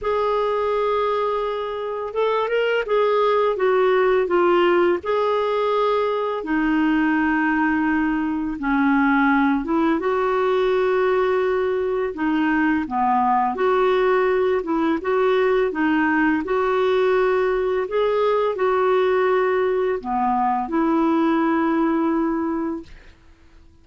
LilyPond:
\new Staff \with { instrumentName = "clarinet" } { \time 4/4 \tempo 4 = 84 gis'2. a'8 ais'8 | gis'4 fis'4 f'4 gis'4~ | gis'4 dis'2. | cis'4. e'8 fis'2~ |
fis'4 dis'4 b4 fis'4~ | fis'8 e'8 fis'4 dis'4 fis'4~ | fis'4 gis'4 fis'2 | b4 e'2. | }